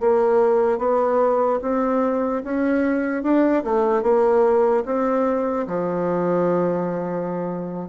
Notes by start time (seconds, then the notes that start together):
0.00 A#3
0.78 B3
1.62 C4
2.44 C#4
3.23 D4
3.64 A3
4.03 A#3
4.85 C4
5.67 F3